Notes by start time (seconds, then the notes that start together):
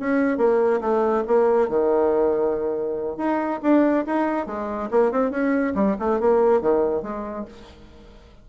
0.00 C#4
0.38 A#3
0.81 A3
1.27 A#3
1.69 D#3
3.17 D#4
3.63 D4
4.06 D#4
4.47 G#3
4.91 A#3
5.12 C4
5.31 C#4
5.75 G3
5.99 A3
6.20 A#3
6.62 D#3
7.03 G#3